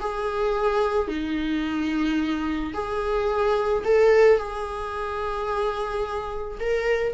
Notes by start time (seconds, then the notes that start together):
0.00 G#4
1.08 D#4
2.74 G#4
3.84 A4
4.38 G#4
6.60 A#4